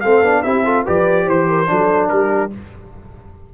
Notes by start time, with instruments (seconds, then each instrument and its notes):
0.00 tuba A3, trombone C4, horn A4, trumpet F5
0.22 tuba B3, trombone D4
0.42 tuba C4, trombone E4, horn G4, trumpet E5
0.64 trombone F4, horn A4
0.84 tuba F3, trombone G4, horn B4, trumpet D5
1.25 tuba E3, horn C5, trumpet C5
1.48 horn A#4
1.66 tuba F#3, trombone D4, horn A4
2.08 tuba G3, horn G4, trumpet A#4